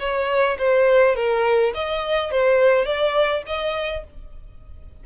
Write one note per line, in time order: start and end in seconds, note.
0.00 0.58 C#5
0.59 1.16 C5
1.16 1.74 A#4
1.75 2.32 D#5
2.32 2.86 C5
2.86 3.43 D5
3.47 4.05 D#5